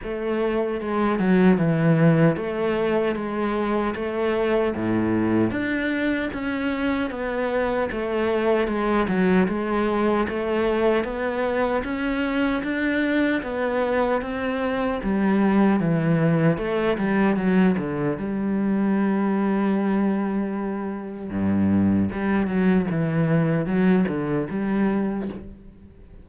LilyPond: \new Staff \with { instrumentName = "cello" } { \time 4/4 \tempo 4 = 76 a4 gis8 fis8 e4 a4 | gis4 a4 a,4 d'4 | cis'4 b4 a4 gis8 fis8 | gis4 a4 b4 cis'4 |
d'4 b4 c'4 g4 | e4 a8 g8 fis8 d8 g4~ | g2. g,4 | g8 fis8 e4 fis8 d8 g4 | }